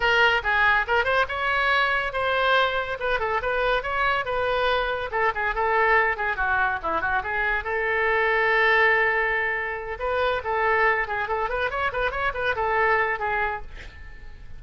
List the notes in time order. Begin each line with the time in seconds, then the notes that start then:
0.00 A#4
0.43 G#4
0.87 A#4
1.04 C5
1.28 C#5
2.12 C5
2.99 B4
3.19 A4
3.42 B4
3.83 C#5
4.25 B4
5.11 A4
5.34 G#4
5.54 A4
6.17 G#4
6.36 F#4
6.82 E4
7.01 F#4
7.23 G#4
7.64 A4
9.99 B4
10.44 A4
11.07 G#4
11.27 A4
11.49 B4
11.70 C#5
11.92 B4
12.11 C#5
12.34 B4
12.55 A4
13.19 G#4